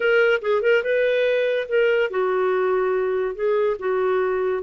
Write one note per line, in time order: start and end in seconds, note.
0.00 0.40 A#4
0.41 0.62 G#4
0.62 0.83 A#4
0.83 1.67 B4
1.68 2.10 A#4
2.10 3.35 F#4
3.35 3.76 G#4
3.79 4.63 F#4